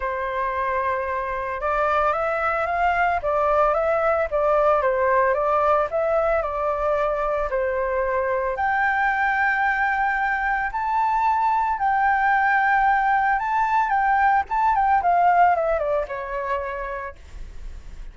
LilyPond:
\new Staff \with { instrumentName = "flute" } { \time 4/4 \tempo 4 = 112 c''2. d''4 | e''4 f''4 d''4 e''4 | d''4 c''4 d''4 e''4 | d''2 c''2 |
g''1 | a''2 g''2~ | g''4 a''4 g''4 a''8 g''8 | f''4 e''8 d''8 cis''2 | }